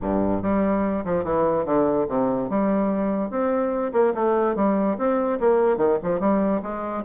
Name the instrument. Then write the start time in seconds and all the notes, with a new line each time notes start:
bassoon
0.01 G2
0.42 G3
1.04 F3
1.24 E3
1.65 D3
2.08 C3
2.49 G3
3.30 C4
3.93 A#3
4.14 A3
4.55 G3
4.98 C4
5.40 A#3
5.77 D#3
6.02 F3
6.20 G3
6.62 G#3